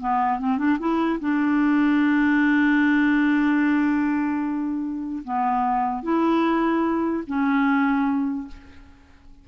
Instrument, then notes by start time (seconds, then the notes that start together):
clarinet
0.00 B3
0.39 C4
0.58 D4
0.79 E4
1.20 D4
5.24 B3
6.03 E4
7.27 C#4